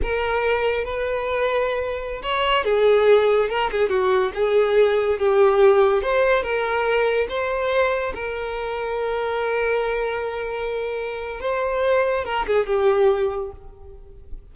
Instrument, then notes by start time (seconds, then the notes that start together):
violin
0.02 A#4
0.84 B4
2.22 C#5
2.64 G#4
3.49 A#4
3.71 G#4
3.89 F#4
4.34 G#4
5.19 G4
6.02 C5
6.42 A#4
7.28 C5
8.14 A#4
11.40 C5
12.24 A#4
12.46 G#4
12.66 G4